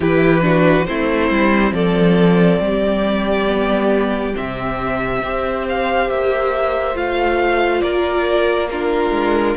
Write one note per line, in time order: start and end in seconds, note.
0.00 0.86 E3
0.00 0.41 E4
0.00 0.43 G4
0.00 0.85 B4
0.41 0.84 D4
0.41 0.87 F#4
0.85 1.30 A3
0.85 3.47 C4
0.85 1.74 E4
0.85 1.72 C5
1.30 1.71 G3
1.71 2.58 F3
1.71 2.61 A4
1.71 4.35 D5
2.60 4.34 G3
2.60 5.23 G4
3.47 4.34 B3
4.34 5.22 C3
4.34 5.21 C4
4.34 5.67 E5
5.22 6.09 C4
5.22 6.94 G4
5.22 7.82 C5
5.68 6.10 F5
6.09 6.95 A#3
6.09 6.97 E5
6.94 7.82 A3
6.94 8.68 F4
6.94 7.81 F5
7.81 9.10 A#3
7.81 8.69 A#4
7.81 8.68 D5
8.70 9.56 D4
8.70 9.56 F4
8.70 9.56 A#4
9.10 9.53 G#3